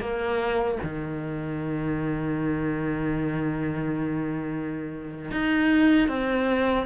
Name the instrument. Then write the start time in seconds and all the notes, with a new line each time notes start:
cello
0.00 A#3
0.83 D#3
5.31 D#4
6.08 C4